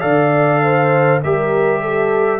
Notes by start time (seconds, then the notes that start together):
0.00 D3 A4 D5 F5
0.62 C5
1.23 G3 G4 A#4 E5
1.81 A4